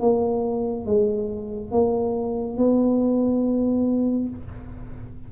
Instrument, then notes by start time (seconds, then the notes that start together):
tuba
0.00 A#3
0.85 G#3
1.71 A#3
2.57 B3